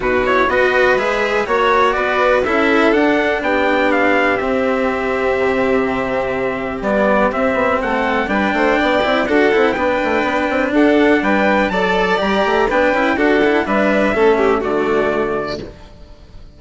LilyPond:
<<
  \new Staff \with { instrumentName = "trumpet" } { \time 4/4 \tempo 4 = 123 b'8 cis''8 dis''4 e''4 cis''4 | d''4 e''4 fis''4 g''4 | f''4 e''2.~ | e''2 d''4 e''4 |
fis''4 g''2 fis''4 | g''2 fis''4 g''4 | a''4 ais''4 g''4 fis''4 | e''2 d''2 | }
  \new Staff \with { instrumentName = "violin" } { \time 4/4 fis'4 b'2 cis''4 | b'4 a'2 g'4~ | g'1~ | g'1 |
a'4 b'8 c''8 d''4 a'4 | b'2 a'4 b'4 | d''2 b'4 a'4 | b'4 a'8 g'8 fis'2 | }
  \new Staff \with { instrumentName = "cello" } { \time 4/4 dis'8 e'8 fis'4 gis'4 fis'4~ | fis'4 e'4 d'2~ | d'4 c'2.~ | c'2 b4 c'4~ |
c'4 d'4. e'8 fis'8 e'8 | d'1 | a'4 g'4 d'8 e'8 fis'8 e'8 | d'4 cis'4 a2 | }
  \new Staff \with { instrumentName = "bassoon" } { \time 4/4 b,4 b4 gis4 ais4 | b4 cis'4 d'4 b4~ | b4 c'2 c4~ | c2 g4 c'8 b8 |
a4 g8 a8 b8 c'8 d'8 c'8 | b8 a8 b8 c'8 d'4 g4 | fis4 g8 a8 b8 cis'8 d'4 | g4 a4 d2 | }
>>